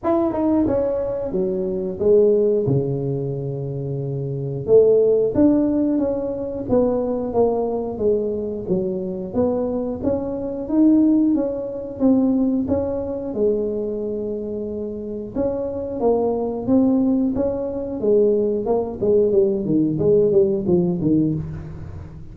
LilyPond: \new Staff \with { instrumentName = "tuba" } { \time 4/4 \tempo 4 = 90 e'8 dis'8 cis'4 fis4 gis4 | cis2. a4 | d'4 cis'4 b4 ais4 | gis4 fis4 b4 cis'4 |
dis'4 cis'4 c'4 cis'4 | gis2. cis'4 | ais4 c'4 cis'4 gis4 | ais8 gis8 g8 dis8 gis8 g8 f8 dis8 | }